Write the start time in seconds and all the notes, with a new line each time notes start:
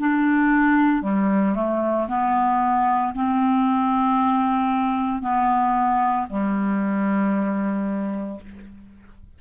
0.00 D4
1.03 G3
1.56 A3
2.09 B3
3.15 C4
5.22 B3
6.30 G3